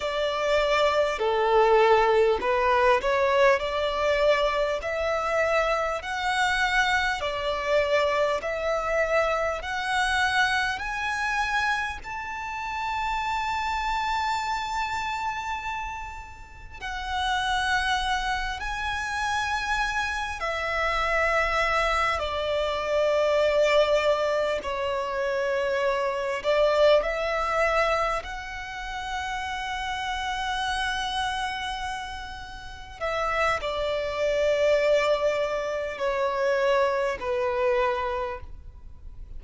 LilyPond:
\new Staff \with { instrumentName = "violin" } { \time 4/4 \tempo 4 = 50 d''4 a'4 b'8 cis''8 d''4 | e''4 fis''4 d''4 e''4 | fis''4 gis''4 a''2~ | a''2 fis''4. gis''8~ |
gis''4 e''4. d''4.~ | d''8 cis''4. d''8 e''4 fis''8~ | fis''2.~ fis''8 e''8 | d''2 cis''4 b'4 | }